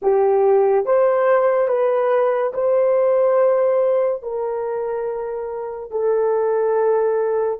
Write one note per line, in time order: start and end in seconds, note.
0.02 0.85 G4
0.85 1.68 C5
1.68 2.52 B4
2.53 4.22 C5
4.22 5.90 A#4
5.90 7.59 A4